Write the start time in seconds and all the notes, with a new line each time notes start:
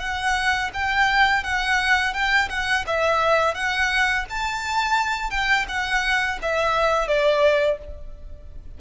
0.00 F#5
0.74 G5
1.44 F#5
2.14 G5
2.50 F#5
2.87 E5
3.55 F#5
4.30 A5
5.31 G5
5.69 F#5
6.42 E5
7.08 D5